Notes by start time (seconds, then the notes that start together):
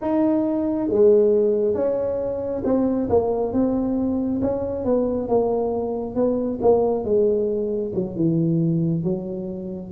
0.01 D#4
0.89 G#3
1.74 C#4
2.64 C4
3.09 A#3
3.52 C4
4.41 C#4
4.84 B3
5.28 A#3
6.15 B3
6.61 A#3
7.04 G#3
7.94 F#3
8.15 E3
9.03 F#3